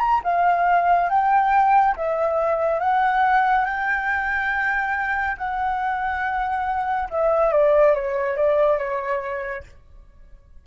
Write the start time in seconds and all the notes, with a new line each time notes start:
0.00 A#5
0.24 F5
1.09 G5
1.96 E5
2.80 F#5
3.66 G5
5.38 F#5
7.10 E5
7.52 D5
7.95 C#5
8.37 D5
8.79 C#5